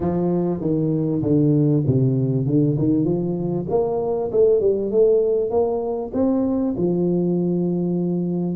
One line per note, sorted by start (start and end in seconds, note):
0.00 0.60 F3
0.60 1.21 D#3
1.22 1.83 D3
1.86 2.46 C3
2.46 2.77 D3
2.78 3.04 D#3
3.04 3.66 F3
3.69 4.30 A#3
4.31 4.60 A3
4.60 4.91 G3
4.91 5.50 A3
5.50 6.11 A#3
6.13 6.75 C4
6.77 8.55 F3